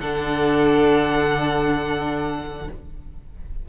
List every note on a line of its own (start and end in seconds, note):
0.00 2.68 D3
0.00 2.69 D4
0.00 2.68 A4
0.00 2.69 F#5